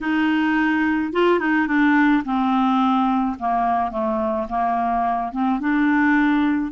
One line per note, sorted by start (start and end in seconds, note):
0.01 1.12 D#4
1.12 1.39 F4
1.39 1.67 D#4
1.67 2.23 D4
2.24 3.36 C4
3.39 3.91 A#3
3.91 4.47 A3
4.49 5.32 A#3
5.32 5.60 C4
5.60 6.71 D4